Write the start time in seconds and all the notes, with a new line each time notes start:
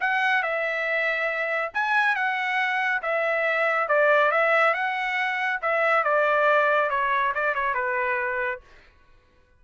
0.00 F#5
0.42 E5
1.74 G#5
2.15 F#5
3.02 E5
3.88 D5
4.31 E5
4.73 F#5
5.62 E5
6.04 D5
6.90 C#5
7.35 D5
7.54 C#5
7.74 B4